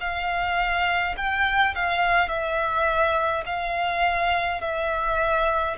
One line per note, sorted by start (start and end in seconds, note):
0.00 1.15 F5
1.17 1.75 G5
1.75 2.28 F5
2.28 3.44 E5
3.46 4.61 F5
4.61 5.76 E5